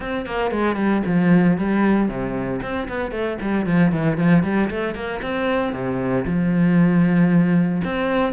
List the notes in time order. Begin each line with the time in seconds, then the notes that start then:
0.00 C4
0.26 A#3
0.51 G#3
0.76 G3
1.06 F3
1.57 G3
2.08 C3
2.62 C4
2.88 B3
3.11 A3
3.41 G3
3.66 F3
3.92 E3
4.17 F3
4.43 G3
4.70 A3
4.94 A#3
5.22 C4
5.72 C3
6.25 F3
7.84 C4